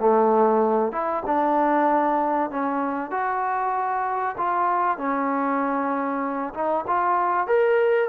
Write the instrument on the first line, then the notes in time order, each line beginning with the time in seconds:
trombone
0.00 A3
0.92 E4
1.26 D4
2.51 C#4
3.11 F#4
4.38 F4
4.98 C#4
6.54 D#4
6.88 F4
7.48 A#4